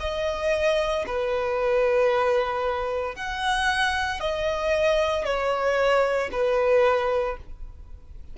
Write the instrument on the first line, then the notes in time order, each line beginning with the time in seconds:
violin
0.00 D#5
1.07 B4
3.16 F#5
4.21 D#5
5.25 C#5
6.32 B4